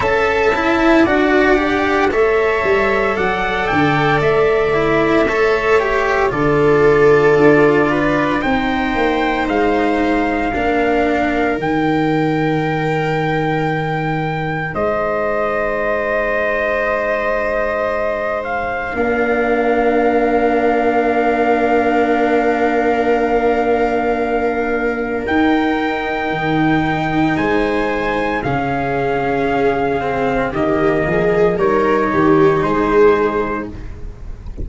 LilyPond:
<<
  \new Staff \with { instrumentName = "trumpet" } { \time 4/4 \tempo 4 = 57 a''4 fis''4 e''4 fis''8 g''8 | e''2 d''2 | g''4 f''2 g''4~ | g''2 dis''2~ |
dis''4. f''2~ f''8~ | f''1 | g''2 gis''4 f''4~ | f''4 dis''4 cis''4 c''4 | }
  \new Staff \with { instrumentName = "viola" } { \time 4/4 e''4 d''4 cis''4 d''4~ | d''4 cis''4 a'4. b'8 | c''2 ais'2~ | ais'2 c''2~ |
c''2 ais'2~ | ais'1~ | ais'2 c''4 gis'4~ | gis'4 g'8 gis'8 ais'8 g'8 gis'4 | }
  \new Staff \with { instrumentName = "cello" } { \time 4/4 a'8 e'8 fis'8 g'8 a'2~ | a'8 e'8 a'8 g'8 f'2 | dis'2 d'4 dis'4~ | dis'1~ |
dis'2 d'2~ | d'1 | dis'2. cis'4~ | cis'8 c'8 ais4 dis'2 | }
  \new Staff \with { instrumentName = "tuba" } { \time 4/4 cis'4 d'4 a8 g8 fis8 d8 | a2 d4 d'4 | c'8 ais8 gis4 ais4 dis4~ | dis2 gis2~ |
gis2 ais2~ | ais1 | dis'4 dis4 gis4 cis4~ | cis4 dis8 f8 g8 dis8 gis4 | }
>>